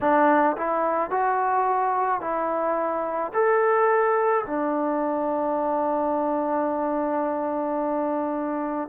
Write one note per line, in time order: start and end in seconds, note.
0.01 0.56 D4
0.57 1.10 E4
1.10 2.20 F#4
2.20 3.31 E4
3.33 4.44 A4
4.46 8.88 D4